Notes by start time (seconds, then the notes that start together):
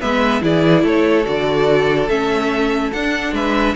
0.00 G#3 B3 B4 E5
0.41 E3 E4 G#4 D5
0.83 A3 A4 C#5
1.24 D3 F#4 D5
2.08 A3 C#4 E5
2.92 D4 F#5
3.32 G#3 B4 E5